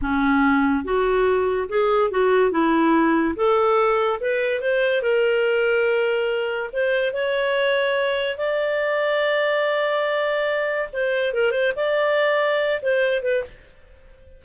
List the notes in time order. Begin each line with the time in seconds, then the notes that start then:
0.01 C#4
0.84 F#4
1.68 G#4
2.10 F#4
2.51 E4
3.36 A4
4.20 B4
4.60 C5
5.02 A#4
6.72 C5
7.13 C#5
8.37 D5
10.92 C5
11.33 A#4
11.51 C5
11.75 D5
12.82 C5
13.22 B4